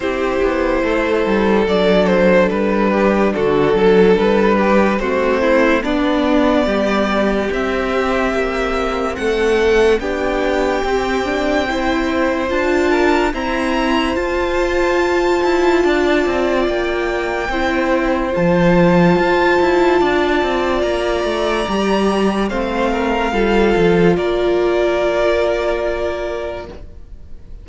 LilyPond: <<
  \new Staff \with { instrumentName = "violin" } { \time 4/4 \tempo 4 = 72 c''2 d''8 c''8 b'4 | a'4 b'4 c''4 d''4~ | d''4 e''2 fis''4 | g''2. a''4 |
ais''4 a''2. | g''2 a''2~ | a''4 ais''2 f''4~ | f''4 d''2. | }
  \new Staff \with { instrumentName = "violin" } { \time 4/4 g'4 a'2~ a'8 g'8 | fis'8 a'4 g'8 fis'8 e'8 d'4 | g'2. a'4 | g'2 c''4. ais'8 |
c''2. d''4~ | d''4 c''2. | d''2. c''8 ais'8 | a'4 ais'2. | }
  \new Staff \with { instrumentName = "viola" } { \time 4/4 e'2 d'2~ | d'2 c'4 b4~ | b4 c'2. | d'4 c'8 d'8 e'4 f'4 |
c'4 f'2.~ | f'4 e'4 f'2~ | f'2 g'4 c'4 | f'1 | }
  \new Staff \with { instrumentName = "cello" } { \time 4/4 c'8 b8 a8 g8 fis4 g4 | d8 fis8 g4 a4 b4 | g4 c'4 ais4 a4 | b4 c'2 d'4 |
e'4 f'4. e'8 d'8 c'8 | ais4 c'4 f4 f'8 e'8 | d'8 c'8 ais8 a8 g4 a4 | g8 f8 ais2. | }
>>